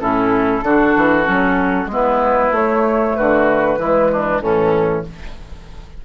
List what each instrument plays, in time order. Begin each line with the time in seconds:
0.00 bassoon A2, clarinet C#4, oboe E4, flute A4
0.63 bassoon D3, clarinet D4, oboe F#4
0.97 bassoon E3
1.24 bassoon F#3, clarinet C#4
1.86 bassoon G#3, clarinet B3, oboe E4
1.93 flute B4
2.51 bassoon A3, clarinet A3, flute C#5
3.16 bassoon D3, oboe F#4, flute B4
3.78 bassoon E3, clarinet G#3, oboe E4
4.12 oboe D4
4.42 bassoon A2, clarinet E3, oboe C#4, flute A4